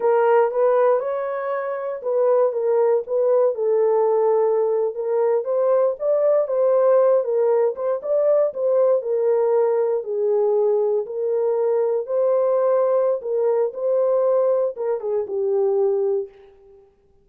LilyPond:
\new Staff \with { instrumentName = "horn" } { \time 4/4 \tempo 4 = 118 ais'4 b'4 cis''2 | b'4 ais'4 b'4 a'4~ | a'4.~ a'16 ais'4 c''4 d''16~ | d''8. c''4. ais'4 c''8 d''16~ |
d''8. c''4 ais'2 gis'16~ | gis'4.~ gis'16 ais'2 c''16~ | c''2 ais'4 c''4~ | c''4 ais'8 gis'8 g'2 | }